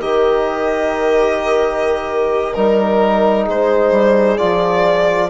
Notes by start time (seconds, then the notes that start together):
0.00 D#3 G4 A#4 D#5
2.54 G3 D#4 A#4
3.43 G#3 G#4
3.50 C5
3.91 G3
4.38 F3 F4 D5